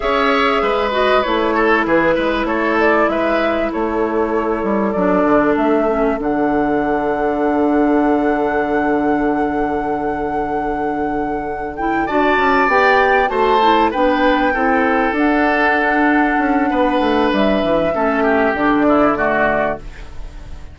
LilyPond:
<<
  \new Staff \with { instrumentName = "flute" } { \time 4/4 \tempo 4 = 97 e''4. dis''8 cis''4 b'4 | cis''8 d''8 e''4 cis''2 | d''4 e''4 fis''2~ | fis''1~ |
fis''2. g''8 a''8~ | a''8 g''4 a''4 g''4.~ | g''8 fis''2.~ fis''8 | e''2 d''2 | }
  \new Staff \with { instrumentName = "oboe" } { \time 4/4 cis''4 b'4. a'8 gis'8 b'8 | a'4 b'4 a'2~ | a'1~ | a'1~ |
a'2.~ a'8 d''8~ | d''4. c''4 b'4 a'8~ | a'2. b'4~ | b'4 a'8 g'4 e'8 fis'4 | }
  \new Staff \with { instrumentName = "clarinet" } { \time 4/4 gis'4. fis'8 e'2~ | e'1 | d'4. cis'8 d'2~ | d'1~ |
d'2. e'8 fis'8~ | fis'8 g'4 fis'8 e'8 d'4 e'8~ | e'8 d'2.~ d'8~ | d'4 cis'4 d'4 a4 | }
  \new Staff \with { instrumentName = "bassoon" } { \time 4/4 cis'4 gis4 a4 e8 gis8 | a4 gis4 a4. g8 | fis8 d8 a4 d2~ | d1~ |
d2.~ d8 d'8 | cis'8 b4 a4 b4 c'8~ | c'8 d'2 cis'8 b8 a8 | g8 e8 a4 d2 | }
>>